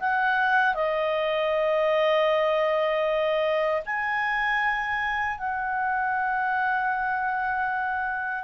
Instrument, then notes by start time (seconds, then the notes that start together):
clarinet
0.00 F#5
0.75 D#5
3.86 G#5
5.38 F#5